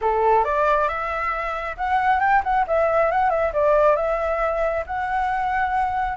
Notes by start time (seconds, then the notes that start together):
0.01 A4
0.44 D5
0.88 E5
1.77 F#5
2.20 G5
2.43 F#5
2.67 E5
3.11 F#5
3.29 E5
3.53 D5
3.96 E5
4.86 F#5